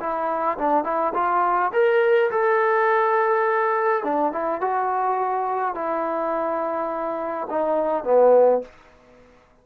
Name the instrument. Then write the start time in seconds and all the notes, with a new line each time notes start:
trombone
0.00 E4
0.58 D4
0.84 E4
1.14 F4
1.73 A#4
2.31 A4
4.04 D4
4.33 E4
4.61 F#4
5.75 E4
7.50 D#4
8.04 B3